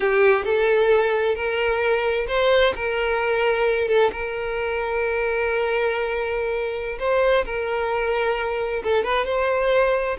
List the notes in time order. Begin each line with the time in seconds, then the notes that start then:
0.00 G4
0.44 A4
1.35 A#4
2.27 C5
2.75 A#4
3.87 A4
4.12 A#4
6.99 C5
7.45 A#4
8.83 A4
9.04 B4
9.25 C5